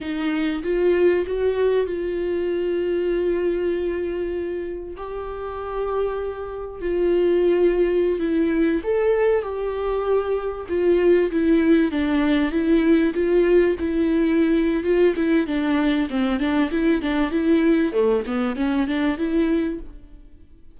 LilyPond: \new Staff \with { instrumentName = "viola" } { \time 4/4 \tempo 4 = 97 dis'4 f'4 fis'4 f'4~ | f'1 | g'2. f'4~ | f'4~ f'16 e'4 a'4 g'8.~ |
g'4~ g'16 f'4 e'4 d'8.~ | d'16 e'4 f'4 e'4.~ e'16 | f'8 e'8 d'4 c'8 d'8 e'8 d'8 | e'4 a8 b8 cis'8 d'8 e'4 | }